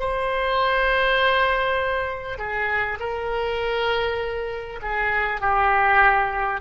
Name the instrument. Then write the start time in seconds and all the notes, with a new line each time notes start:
oboe
0.00 C5
2.38 G#4
3.00 A#4
4.82 G#4
5.41 G4